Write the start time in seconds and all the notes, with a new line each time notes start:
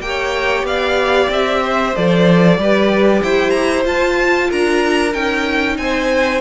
0.00 A#3 G4 G5
0.07 C#5
0.63 B3 D5 F5
1.29 C4 E5
1.62 C5
1.95 F3 A4 D5
2.58 G3 G4 B4
3.22 E4 C5 G5
3.50 A#5
3.84 F4 A5
4.49 D4 A#4 A#5
5.13 C#4 D#4 G5
5.77 C4 C5 G#5